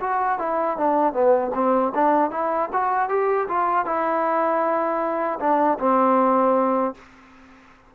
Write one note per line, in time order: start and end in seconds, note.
0.00 0.38 F#4
0.38 0.77 E4
0.77 1.13 D4
1.13 1.51 B3
1.54 1.92 C4
1.94 2.30 D4
2.30 2.69 E4
2.72 3.09 F#4
3.09 3.47 G4
3.48 3.85 F4
3.85 5.39 E4
5.40 5.78 D4
5.79 6.94 C4